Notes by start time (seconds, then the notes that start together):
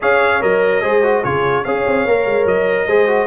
0.00 C#4 G#4 C#5 F5
0.41 F#3 A#4 D#5
0.82 G#3 G#4 C5
1.02 F#4
1.21 C#3 F4 G#4 C#5
1.64 C#4 G#4 C#5 F5
1.86 C4
2.05 A#3 A#4
2.25 G#3
2.45 F#3 D#5
2.87 G#3 G#4 C5
3.07 F#4